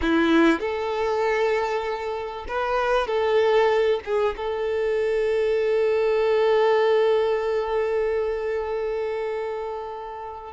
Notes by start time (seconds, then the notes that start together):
0.01 E4
0.60 A4
2.48 B4
3.07 A4
4.04 G#4
4.36 A4